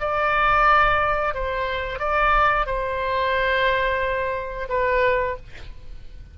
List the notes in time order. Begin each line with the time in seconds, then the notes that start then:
0.00 D5
1.34 C5
1.99 D5
2.66 C5
4.69 B4